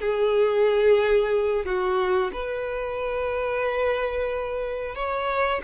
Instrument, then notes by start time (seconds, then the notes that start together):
violin
0.00 G#4
1.65 F#4
2.32 B4
4.95 C#5